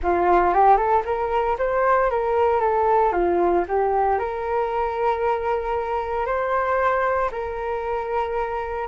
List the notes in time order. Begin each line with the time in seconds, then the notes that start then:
0.02 F4
0.53 G4
0.76 A4
1.05 A#4
1.58 C5
2.10 A#4
2.60 A4
3.12 F4
3.68 G4
4.19 A#4
6.26 C5
7.31 A#4